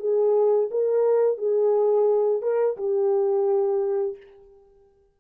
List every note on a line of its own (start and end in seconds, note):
0.00 0.70 G#4
0.71 1.38 A#4
1.38 2.42 G#4
2.42 2.77 A#4
2.77 4.17 G4